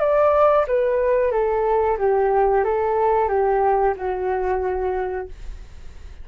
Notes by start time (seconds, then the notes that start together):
0.00 D5
0.67 B4
1.32 A4
1.98 G4
2.64 A4
3.29 G4
3.97 F#4